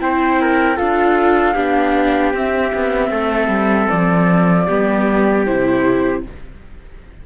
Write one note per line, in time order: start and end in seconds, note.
0.00 0.79 C4
0.00 0.77 E4
0.00 0.42 C5
0.00 0.77 G5
0.42 0.76 A#4
0.76 1.56 D4
0.76 1.55 F4
0.76 1.54 A4
0.76 2.33 F5
1.55 2.33 B3
1.55 2.34 D4
1.55 3.11 G4
2.33 2.72 C4
2.33 4.67 C4
2.33 3.89 E5
2.74 3.11 B3
3.11 3.48 A3
3.11 4.67 A4
3.48 3.87 G3
3.89 4.69 F3
3.89 5.45 D5
4.67 5.47 G3
4.67 5.46 B3
4.67 6.23 G4
5.46 6.26 C3
5.46 6.24 E4
5.46 6.24 C5